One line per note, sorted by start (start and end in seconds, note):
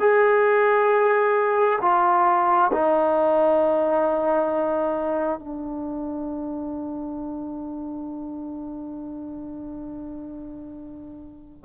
0.00 1.79 G#4
1.82 2.72 F4
2.73 5.39 D#4
5.39 11.65 D4